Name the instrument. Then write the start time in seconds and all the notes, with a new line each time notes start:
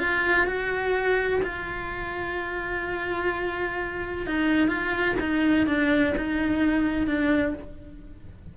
cello
0.00 F4
0.47 F#4
1.44 F4
4.27 D#4
4.68 F4
5.21 D#4
5.67 D4
6.17 D#4
7.08 D4